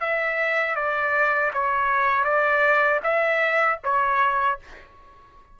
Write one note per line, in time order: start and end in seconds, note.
0.00 0.75 E5
0.75 1.51 D5
1.53 2.24 C#5
2.24 3.00 D5
3.03 3.79 E5
3.83 4.59 C#5